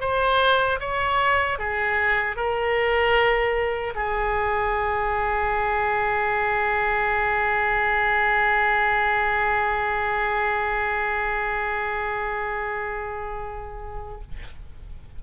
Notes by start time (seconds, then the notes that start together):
0.00 C5
0.79 C#5
1.58 G#4
2.36 A#4
3.95 G#4